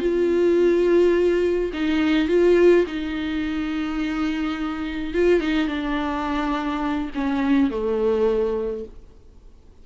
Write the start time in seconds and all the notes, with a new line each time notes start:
0.00 F4
1.73 D#4
2.28 F4
2.87 D#4
5.14 F4
5.40 D#4
5.68 D4
7.15 C#4
7.70 A3